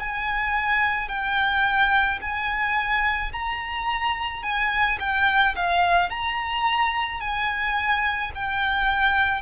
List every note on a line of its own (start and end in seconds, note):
0.00 1.09 G#5
1.09 2.20 G5
2.22 3.33 G#5
3.33 4.43 A#5
4.43 4.99 G#5
5.00 5.56 G5
5.56 6.11 F5
6.11 7.21 A#5
7.21 8.32 G#5
8.35 9.42 G5